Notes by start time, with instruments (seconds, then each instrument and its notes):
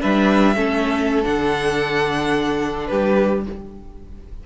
0.00 cello G3, viola D4, violin B4 E5
0.55 cello A3, viola C#4, violin A4
1.23 cello D3, viola D4, violin F#5
2.87 cello G3, violin G4 B4